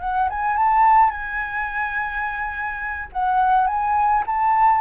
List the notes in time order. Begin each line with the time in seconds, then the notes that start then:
0.00 F#5
0.29 G#5
0.56 A5
1.10 G#5
3.12 F#5
3.67 G#5
4.26 A5